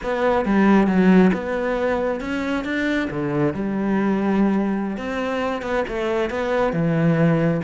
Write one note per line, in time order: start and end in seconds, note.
0.03 0.45 B3
0.45 0.87 G3
0.87 1.31 F#3
1.33 2.20 B3
2.20 2.64 C#4
2.64 3.08 D4
3.10 3.54 D3
3.54 4.97 G3
4.97 5.62 C4
5.62 5.84 B3
5.88 6.30 A3
6.30 6.72 B3
6.72 7.61 E3